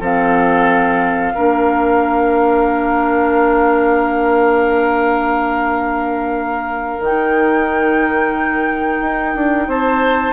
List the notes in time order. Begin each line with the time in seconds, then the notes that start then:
0.00 F3 C4 A4 F5
1.34 A#3 D4 A#4
7.00 D#3 G5
7.06 D#4
9.01 D#4
9.35 D4
9.67 C4 C5 A5